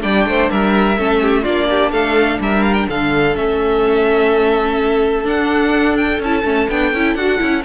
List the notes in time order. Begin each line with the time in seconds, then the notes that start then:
0.00 G3 D4 D5 G5
0.26 A3 C5
0.51 G3 A#4 E5
0.98 A3 C#4 A4
1.22 G4
1.42 A#3 D4 F4 D5
1.70 G4
1.91 A3 A4 F5
2.40 G3 A#4 E5
2.63 F5
2.74 G5
2.89 D3 A4 F5
3.35 A3 C#4 E5
5.24 D4 F#5
5.97 G5
6.20 C#4 E4 A5
6.44 A3 C#4
6.70 B3 D4 G5
6.93 C#4 E4
7.15 D4 F#4 F#5
7.38 C#4 E4